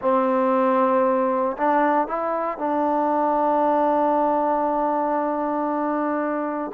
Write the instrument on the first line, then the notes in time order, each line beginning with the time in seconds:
trombone
0.01 C4
1.57 D4
2.07 E4
2.57 D4